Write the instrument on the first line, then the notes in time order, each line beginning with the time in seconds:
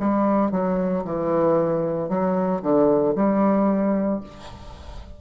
bassoon
0.00 G3
0.52 F#3
1.05 E3
2.09 F#3
2.62 D3
3.16 G3